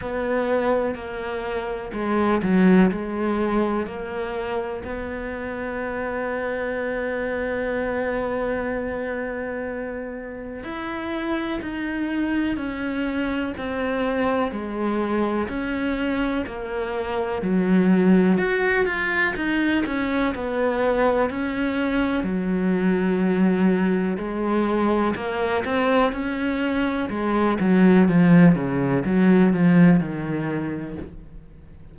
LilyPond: \new Staff \with { instrumentName = "cello" } { \time 4/4 \tempo 4 = 62 b4 ais4 gis8 fis8 gis4 | ais4 b2.~ | b2. e'4 | dis'4 cis'4 c'4 gis4 |
cis'4 ais4 fis4 fis'8 f'8 | dis'8 cis'8 b4 cis'4 fis4~ | fis4 gis4 ais8 c'8 cis'4 | gis8 fis8 f8 cis8 fis8 f8 dis4 | }